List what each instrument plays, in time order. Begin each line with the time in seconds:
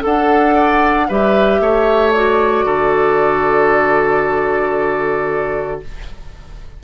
0.00 bassoon D4, clarinet A4, oboe A4, flute F#5
0.55 oboe D5
1.09 bassoon G3, clarinet G4, oboe B4, flute E5
1.60 bassoon A3, oboe C#5
2.12 clarinet F#4, flute D5
2.65 bassoon D3, oboe A4